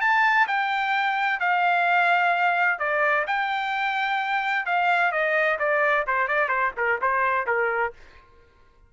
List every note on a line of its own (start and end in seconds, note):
0.00 0.47 A5
0.47 1.40 G5
1.40 2.78 F5
2.78 3.25 D5
3.26 4.66 G5
4.66 5.11 F5
5.11 5.58 D#5
5.59 6.05 D5
6.07 6.27 C5
6.27 6.48 D5
6.48 6.71 C5
6.76 7.00 A#4
7.01 7.46 C5
7.46 7.93 A#4